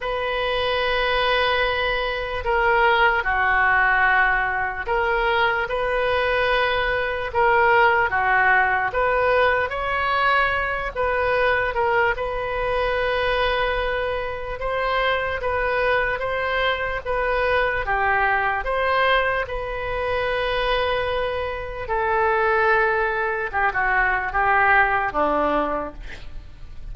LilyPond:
\new Staff \with { instrumentName = "oboe" } { \time 4/4 \tempo 4 = 74 b'2. ais'4 | fis'2 ais'4 b'4~ | b'4 ais'4 fis'4 b'4 | cis''4. b'4 ais'8 b'4~ |
b'2 c''4 b'4 | c''4 b'4 g'4 c''4 | b'2. a'4~ | a'4 g'16 fis'8. g'4 d'4 | }